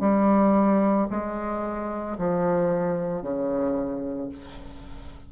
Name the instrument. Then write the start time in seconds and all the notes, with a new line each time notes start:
bassoon
0.00 G3
1.10 G#3
2.18 F3
3.22 C#3